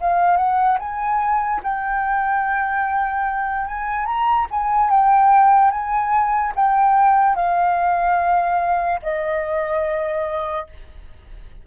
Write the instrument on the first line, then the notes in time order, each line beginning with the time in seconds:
flute
0.00 F5
0.37 F#5
0.79 G#5
1.63 G5
3.67 G#5
4.05 A#5
4.51 G#5
4.90 G5
5.70 G#5
6.55 G5
7.35 F5
9.02 D#5